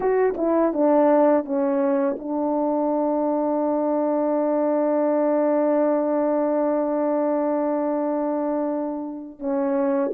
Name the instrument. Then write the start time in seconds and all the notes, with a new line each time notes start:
horn
0.00 F#4
0.37 E4
0.73 D4
1.44 C#4
2.19 D4
9.39 C#4